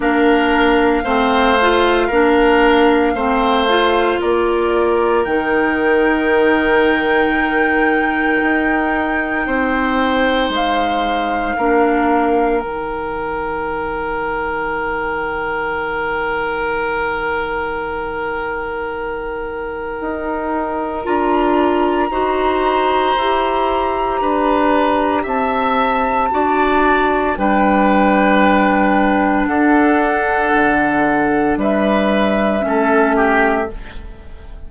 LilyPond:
<<
  \new Staff \with { instrumentName = "flute" } { \time 4/4 \tempo 4 = 57 f''1 | d''4 g''2.~ | g''2 f''2 | g''1~ |
g''1 | ais''1 | a''2 g''2 | fis''2 e''2 | }
  \new Staff \with { instrumentName = "oboe" } { \time 4/4 ais'4 c''4 ais'4 c''4 | ais'1~ | ais'4 c''2 ais'4~ | ais'1~ |
ais'1~ | ais'4 c''2 b'4 | e''4 d''4 b'2 | a'2 b'4 a'8 g'8 | }
  \new Staff \with { instrumentName = "clarinet" } { \time 4/4 d'4 c'8 f'8 d'4 c'8 f'8~ | f'4 dis'2.~ | dis'2. d'4 | dis'1~ |
dis'1 | f'4 fis'4 g'2~ | g'4 fis'4 d'2~ | d'2. cis'4 | }
  \new Staff \with { instrumentName = "bassoon" } { \time 4/4 ais4 a4 ais4 a4 | ais4 dis2. | dis'4 c'4 gis4 ais4 | dis1~ |
dis2. dis'4 | d'4 dis'4 e'4 d'4 | c'4 d'4 g2 | d'4 d4 g4 a4 | }
>>